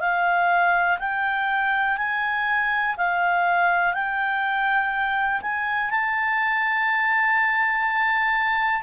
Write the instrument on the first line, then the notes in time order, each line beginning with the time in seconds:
clarinet
0.00 F5
0.99 G5
1.97 G#5
2.97 F5
3.94 G5
5.42 G#5
5.91 A5